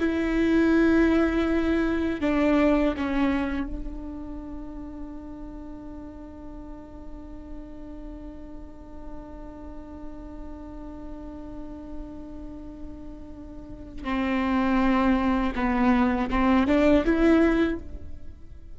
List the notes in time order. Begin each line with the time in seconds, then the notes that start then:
0.00 E4
2.21 D4
2.97 C#4
3.67 D4
14.04 C4
15.56 B3
16.30 C4
16.67 D4
17.05 E4